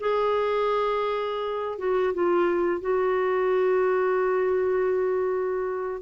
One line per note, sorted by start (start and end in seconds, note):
0.00 1.78 G#4
1.78 2.14 F#4
2.14 2.81 F4
2.81 6.02 F#4